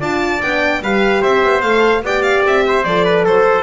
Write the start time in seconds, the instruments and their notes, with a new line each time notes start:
0.00 double bass D4, horn F4, trumpet D5, violin A5
0.42 double bass B3, horn D4, violin G5
0.81 double bass G3, horn G4, trumpet B4, violin F5
1.21 double bass C4, trumpet C5, violin E5
1.43 double bass B3
1.61 double bass A3, horn A4, violin F5
2.02 double bass B3, horn G4, trumpet D5, violin G5
2.22 violin F5
2.46 double bass C4, violin E5
2.67 trumpet C5
2.84 double bass F3, horn A4, violin D5
3.04 trumpet B4
3.24 double bass F#3, trumpet A4, violin C5